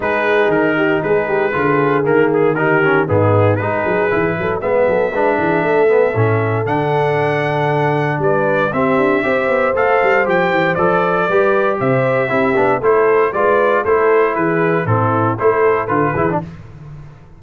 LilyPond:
<<
  \new Staff \with { instrumentName = "trumpet" } { \time 4/4 \tempo 4 = 117 b'4 ais'4 b'2 | ais'8 gis'8 ais'4 gis'4 b'4~ | b'4 e''2.~ | e''4 fis''2. |
d''4 e''2 f''4 | g''4 d''2 e''4~ | e''4 c''4 d''4 c''4 | b'4 a'4 c''4 b'4 | }
  \new Staff \with { instrumentName = "horn" } { \time 4/4 gis'4. g'8 gis'8 g'8 gis'4~ | gis'4 g'4 dis'4 gis'4~ | gis'8 a'8 b'8 a'8 b'8 gis'8 a'4~ | a'1 |
b'4 g'4 c''2~ | c''2 b'4 c''4 | g'4 a'4 b'4 a'4 | gis'4 e'4 a'4. gis'8 | }
  \new Staff \with { instrumentName = "trombone" } { \time 4/4 dis'2. f'4 | ais4 dis'8 cis'8 b4 dis'4 | e'4 b4 d'4. b8 | cis'4 d'2.~ |
d'4 c'4 g'4 a'4 | g'4 a'4 g'2 | e'8 d'8 e'4 f'4 e'4~ | e'4 c'4 e'4 f'8 e'16 d'16 | }
  \new Staff \with { instrumentName = "tuba" } { \time 4/4 gis4 dis4 gis4 d4 | dis2 gis,4 gis8 fis8 | e8 fis8 gis8 fis8 gis8 e8 a4 | a,4 d2. |
g4 c'8 d'8 c'8 b8 a8 g8 | f8 e8 f4 g4 c4 | c'8 b8 a4 gis4 a4 | e4 a,4 a4 d8 e8 | }
>>